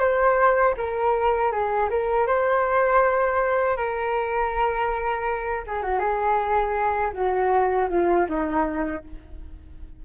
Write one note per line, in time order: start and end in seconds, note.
0.00 0.75 C5
0.77 1.52 A#4
1.52 1.90 G#4
1.90 2.27 A#4
2.27 3.77 C5
3.77 5.65 A#4
5.67 5.83 G#4
5.83 6.00 F#4
6.00 7.12 G#4
7.14 7.89 F#4
7.90 8.27 F4
8.29 9.04 D#4